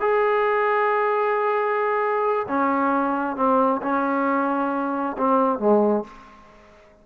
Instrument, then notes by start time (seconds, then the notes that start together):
trombone
0.00 G#4
2.48 C#4
3.36 C4
3.82 C#4
5.18 C4
5.59 G#3